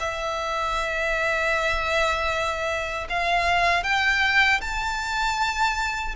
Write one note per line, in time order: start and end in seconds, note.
0.00 3.08 E5
3.10 3.84 F5
3.84 4.61 G5
4.62 6.15 A5